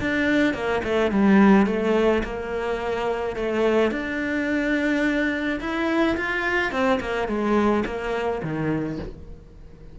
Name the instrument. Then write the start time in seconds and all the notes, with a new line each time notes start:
cello
0.00 D4
0.54 A#3
0.83 A3
1.11 G3
1.66 A3
2.23 A#3
3.36 A3
3.91 D4
5.60 E4
6.16 F4
6.71 C4
7.00 A#3
7.27 G#3
7.85 A#3
8.42 D#3